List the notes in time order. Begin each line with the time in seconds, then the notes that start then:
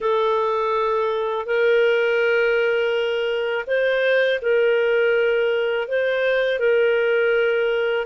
0.00 A4
1.45 A#4
3.67 C5
4.41 A#4
5.87 C5
6.59 A#4